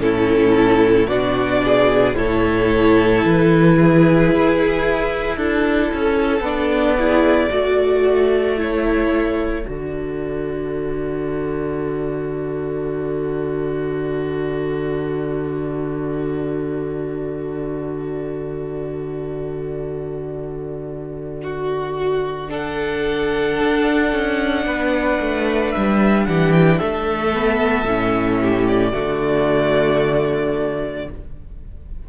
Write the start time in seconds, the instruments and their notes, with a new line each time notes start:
0.00 cello A2, viola C#4, violin E4 A4
1.06 cello B2, viola D4, violin F#4 D5
1.64 violin G#4
2.15 cello A2, viola E4, violin A4 C#5
3.25 cello E3, violin B4
3.76 violin G#4
4.31 cello E4
5.37 cello D4, violin A4
5.93 cello C#4
6.40 cello B3, viola D4, violin D5
6.99 viola E4, violin G#4
7.48 cello A3, viola F#4, violin A4
8.57 viola E4, violin C#5
9.66 cello D3, viola F#4, violin D5
21.43 violin F#4
22.48 viola D4, violin A4 F#5
23.59 cello D4
24.12 cello C#4
24.66 cello B3, violin B4
25.20 cello A3
25.72 cello G3, violin E5
26.25 cello E3, violin G4 F#5
26.52 violin G5
26.78 cello A3, violin A4 E5
27.33 viola B3
27.85 cello A2, viola C#4
28.42 violin G4
28.68 violin D5
28.92 cello D3, viola A3, violin F#4